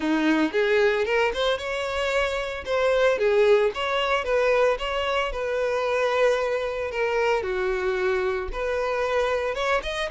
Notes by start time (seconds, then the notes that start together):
0.00 D#4
0.52 G#4
1.05 A#4
1.33 C5
1.58 C#5
2.65 C5
3.18 G#4
3.74 C#5
4.24 B4
4.78 C#5
5.32 B4
6.91 A#4
7.42 F#4
8.52 B4
9.54 C#5
9.82 D#5